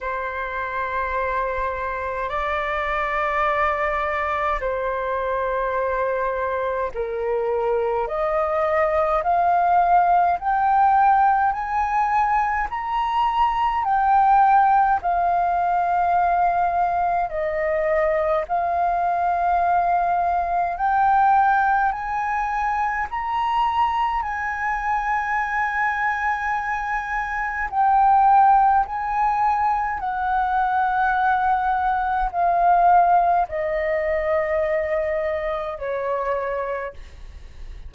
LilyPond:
\new Staff \with { instrumentName = "flute" } { \time 4/4 \tempo 4 = 52 c''2 d''2 | c''2 ais'4 dis''4 | f''4 g''4 gis''4 ais''4 | g''4 f''2 dis''4 |
f''2 g''4 gis''4 | ais''4 gis''2. | g''4 gis''4 fis''2 | f''4 dis''2 cis''4 | }